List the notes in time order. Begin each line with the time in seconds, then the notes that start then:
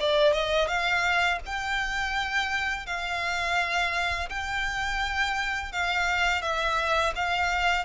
0.00 D5
0.33 D#5
0.68 F5
1.46 G5
2.87 F5
4.30 G5
5.72 F5
6.42 E5
7.16 F5